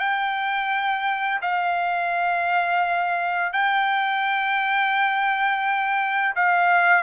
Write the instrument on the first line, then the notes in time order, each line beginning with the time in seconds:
trumpet
0.00 G5
1.42 F5
3.53 G5
6.36 F5